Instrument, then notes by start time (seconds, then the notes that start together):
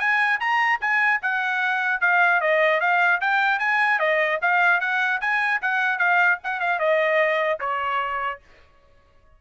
trumpet
0.00 G#5
0.40 A#5
0.81 G#5
1.22 F#5
2.01 F5
2.41 D#5
2.81 F5
3.21 G5
3.60 G#5
4.00 D#5
4.42 F5
4.81 F#5
5.21 G#5
5.62 F#5
5.99 F5
6.44 F#5
6.60 F5
6.79 D#5
7.60 C#5